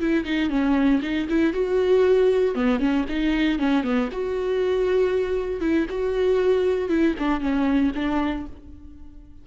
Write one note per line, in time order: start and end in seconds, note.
0.00 0.25 E4
0.25 0.50 D#4
0.50 1.01 C#4
1.02 1.28 D#4
1.29 1.53 E4
1.53 2.55 F#4
2.55 2.79 B3
2.79 3.05 C#4
3.09 3.59 D#4
3.59 3.83 C#4
3.83 4.09 B3
4.12 5.61 F#4
5.61 5.86 E4
5.90 6.89 F#4
6.89 7.15 E4
7.19 7.40 D4
7.40 7.92 C#4
7.95 8.46 D4